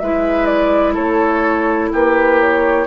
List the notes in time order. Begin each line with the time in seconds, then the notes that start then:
0.00 G#3 E4 B4 E5
0.46 D5
0.94 A3 A4 C#5
1.93 A#3 G4 B4
2.41 C#5